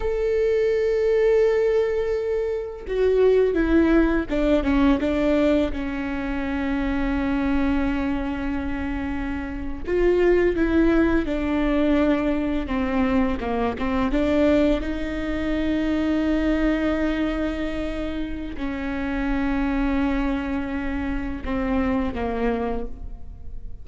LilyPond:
\new Staff \with { instrumentName = "viola" } { \time 4/4 \tempo 4 = 84 a'1 | fis'4 e'4 d'8 cis'8 d'4 | cis'1~ | cis'4.~ cis'16 f'4 e'4 d'16~ |
d'4.~ d'16 c'4 ais8 c'8 d'16~ | d'8. dis'2.~ dis'16~ | dis'2 cis'2~ | cis'2 c'4 ais4 | }